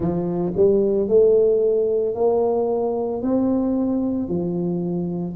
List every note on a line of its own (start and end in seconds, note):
0.00 0.52 F3
0.56 1.08 G3
1.08 2.14 A3
2.14 3.21 A#3
3.21 4.28 C4
4.28 5.35 F3